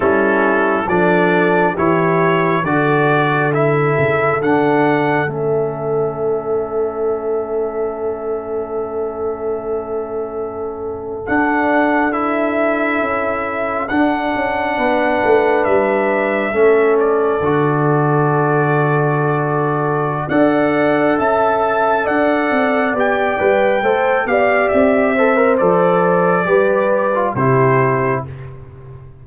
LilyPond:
<<
  \new Staff \with { instrumentName = "trumpet" } { \time 4/4 \tempo 4 = 68 a'4 d''4 cis''4 d''4 | e''4 fis''4 e''2~ | e''1~ | e''8. fis''4 e''2 fis''16~ |
fis''4.~ fis''16 e''4. d''8.~ | d''2. fis''4 | a''4 fis''4 g''4. f''8 | e''4 d''2 c''4 | }
  \new Staff \with { instrumentName = "horn" } { \time 4/4 e'4 a'4 g'4 a'4~ | a'1~ | a'1~ | a'1~ |
a'8. b'2 a'4~ a'16~ | a'2. d''4 | e''4 d''2 c''8 d''8~ | d''8 c''4. b'4 g'4 | }
  \new Staff \with { instrumentName = "trombone" } { \time 4/4 cis'4 d'4 e'4 fis'4 | e'4 d'4 cis'2~ | cis'1~ | cis'8. d'4 e'2 d'16~ |
d'2~ d'8. cis'4 fis'16~ | fis'2. a'4~ | a'2 g'8 b'8 a'8 g'8~ | g'8 a'16 ais'16 a'4 g'8. f'16 e'4 | }
  \new Staff \with { instrumentName = "tuba" } { \time 4/4 g4 f4 e4 d4~ | d8 cis8 d4 a2~ | a1~ | a8. d'2 cis'4 d'16~ |
d'16 cis'8 b8 a8 g4 a4 d16~ | d2. d'4 | cis'4 d'8 c'8 b8 g8 a8 b8 | c'4 f4 g4 c4 | }
>>